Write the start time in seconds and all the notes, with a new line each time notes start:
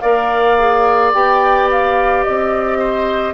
0.00 A#3 A#4 D5 F5
0.58 G#4
1.13 B3 G4 G5
1.71 F5
2.23 C4 D#5
2.79 C5